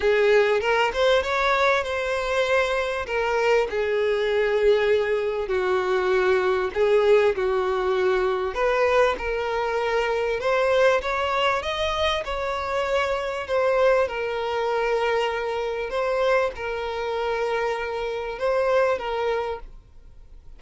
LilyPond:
\new Staff \with { instrumentName = "violin" } { \time 4/4 \tempo 4 = 98 gis'4 ais'8 c''8 cis''4 c''4~ | c''4 ais'4 gis'2~ | gis'4 fis'2 gis'4 | fis'2 b'4 ais'4~ |
ais'4 c''4 cis''4 dis''4 | cis''2 c''4 ais'4~ | ais'2 c''4 ais'4~ | ais'2 c''4 ais'4 | }